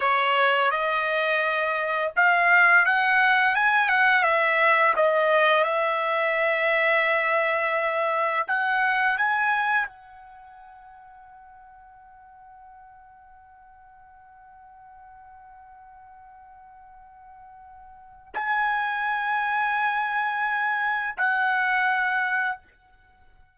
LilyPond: \new Staff \with { instrumentName = "trumpet" } { \time 4/4 \tempo 4 = 85 cis''4 dis''2 f''4 | fis''4 gis''8 fis''8 e''4 dis''4 | e''1 | fis''4 gis''4 fis''2~ |
fis''1~ | fis''1~ | fis''2 gis''2~ | gis''2 fis''2 | }